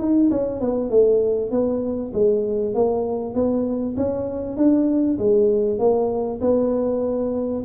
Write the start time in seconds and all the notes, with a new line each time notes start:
0.00 D#4
0.31 C#4
0.61 B3
0.90 A3
1.51 B3
2.14 G#3
2.75 A#3
3.35 B3
3.97 C#4
4.57 D4
5.19 G#3
5.79 A#3
6.41 B3